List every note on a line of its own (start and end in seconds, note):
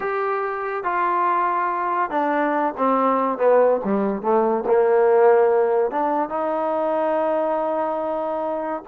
0.00 0.83 G4
0.83 2.10 F4
2.10 2.73 D4
2.77 3.38 C4
3.38 3.80 B3
3.84 4.22 G3
4.22 4.64 A3
4.66 5.91 A#3
5.91 6.29 D4
6.29 8.82 D#4